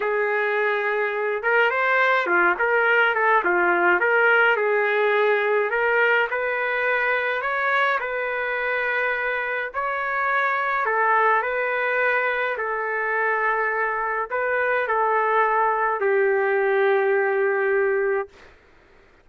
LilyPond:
\new Staff \with { instrumentName = "trumpet" } { \time 4/4 \tempo 4 = 105 gis'2~ gis'8 ais'8 c''4 | f'8 ais'4 a'8 f'4 ais'4 | gis'2 ais'4 b'4~ | b'4 cis''4 b'2~ |
b'4 cis''2 a'4 | b'2 a'2~ | a'4 b'4 a'2 | g'1 | }